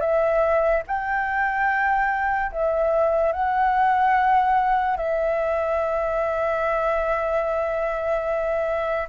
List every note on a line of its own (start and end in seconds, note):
0.00 0.82 E5
0.87 2.51 G5
2.52 3.32 E5
3.32 4.97 F#5
4.97 9.07 E5